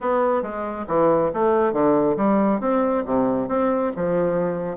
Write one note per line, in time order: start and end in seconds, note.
0.00 0.42 B3
0.42 0.85 G#3
0.87 1.31 E3
1.33 1.72 A3
1.72 2.16 D3
2.16 2.60 G3
2.60 3.03 C4
3.05 3.48 C3
3.48 3.92 C4
3.95 4.77 F3